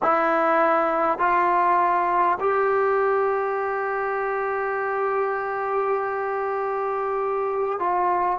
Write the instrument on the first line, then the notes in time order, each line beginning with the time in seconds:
trombone
0.02 E4
1.18 F4
2.39 G4
7.79 F4